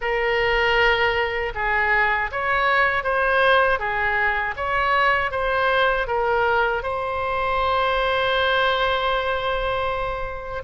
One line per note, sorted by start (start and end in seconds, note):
0.01 1.53 A#4
1.54 2.30 G#4
2.31 3.03 C#5
3.03 3.79 C5
3.79 4.55 G#4
4.56 5.31 C#5
5.31 6.07 C5
6.07 6.83 A#4
6.83 10.62 C5